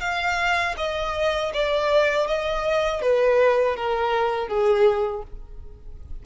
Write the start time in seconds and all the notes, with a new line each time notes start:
0.00 F5
0.77 D#5
1.54 D5
2.28 D#5
3.02 B4
3.76 A#4
4.48 G#4